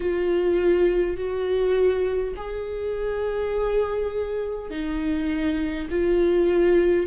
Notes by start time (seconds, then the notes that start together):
0.00 F4
1.16 F#4
2.36 G#4
4.70 D#4
5.90 F4